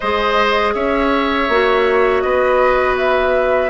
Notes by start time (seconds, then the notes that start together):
0.00 G#3 G#4 C5 D#5
0.74 C#4 C#5 E5
1.48 A#3 F#4
2.21 B3 B4 D#5
2.97 E5